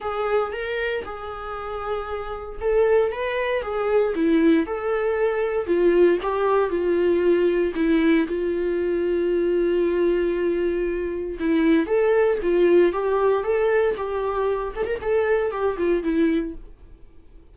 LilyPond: \new Staff \with { instrumentName = "viola" } { \time 4/4 \tempo 4 = 116 gis'4 ais'4 gis'2~ | gis'4 a'4 b'4 gis'4 | e'4 a'2 f'4 | g'4 f'2 e'4 |
f'1~ | f'2 e'4 a'4 | f'4 g'4 a'4 g'4~ | g'8 a'16 ais'16 a'4 g'8 f'8 e'4 | }